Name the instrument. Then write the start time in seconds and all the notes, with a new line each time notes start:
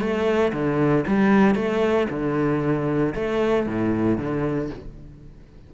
cello
0.00 A3
0.53 D3
1.07 G3
1.55 A3
2.10 D3
3.15 A3
3.67 A2
4.18 D3